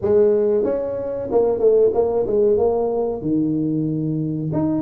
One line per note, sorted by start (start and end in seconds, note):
0.01 0.64 G#3
0.64 1.28 C#4
1.31 1.59 A#3
1.59 1.91 A3
1.94 2.26 A#3
2.26 2.57 G#3
2.57 3.21 A#3
3.21 4.50 D#3
4.52 4.82 D#4